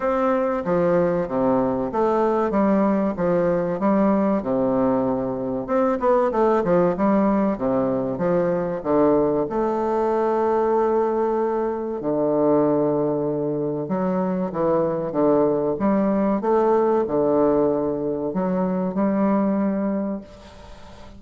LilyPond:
\new Staff \with { instrumentName = "bassoon" } { \time 4/4 \tempo 4 = 95 c'4 f4 c4 a4 | g4 f4 g4 c4~ | c4 c'8 b8 a8 f8 g4 | c4 f4 d4 a4~ |
a2. d4~ | d2 fis4 e4 | d4 g4 a4 d4~ | d4 fis4 g2 | }